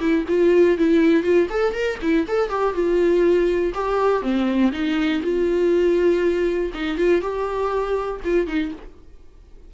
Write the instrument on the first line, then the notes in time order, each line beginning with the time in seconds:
viola
0.00 E4
0.28 F4
0.78 E4
1.23 F4
1.50 A4
1.74 A#4
2.02 E4
2.28 A4
2.49 G4
2.74 F4
3.74 G4
4.22 C4
4.72 D#4
5.22 F4
6.74 D#4
6.97 F4
7.21 G4
8.24 F4
8.47 D#4